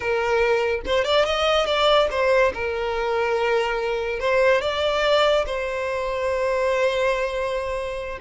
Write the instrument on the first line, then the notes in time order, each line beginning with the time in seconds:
violin
0.00 A#4
0.85 C5
1.04 D5
1.25 D#5
1.66 D5
2.10 C5
2.53 A#4
4.19 C5
4.61 D5
5.46 C5